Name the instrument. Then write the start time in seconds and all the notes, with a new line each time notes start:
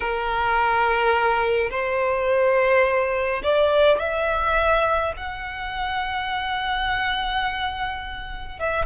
violin
0.00 A#4
1.70 C5
3.43 D5
3.99 E5
5.17 F#5
8.59 E5